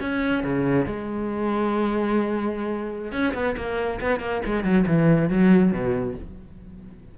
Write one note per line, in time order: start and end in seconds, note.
0.00 0.43 C#4
0.43 0.86 C#3
0.86 3.12 G#3
3.12 3.33 C#4
3.34 3.55 B3
3.57 4.00 A#3
4.01 4.19 B3
4.19 4.41 A#3
4.45 4.63 G#3
4.63 4.85 F#3
4.87 5.29 E3
5.29 5.71 F#3
5.71 6.15 B2